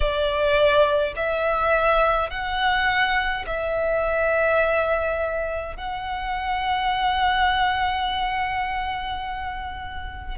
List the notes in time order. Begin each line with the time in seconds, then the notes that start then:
0.00 D5
1.15 E5
2.30 F#5
3.46 E5
5.76 F#5